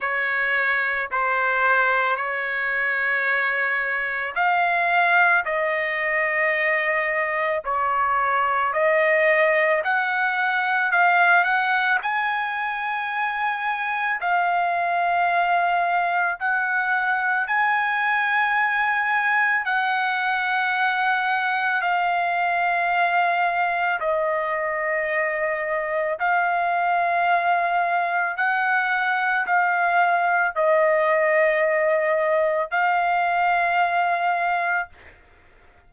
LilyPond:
\new Staff \with { instrumentName = "trumpet" } { \time 4/4 \tempo 4 = 55 cis''4 c''4 cis''2 | f''4 dis''2 cis''4 | dis''4 fis''4 f''8 fis''8 gis''4~ | gis''4 f''2 fis''4 |
gis''2 fis''2 | f''2 dis''2 | f''2 fis''4 f''4 | dis''2 f''2 | }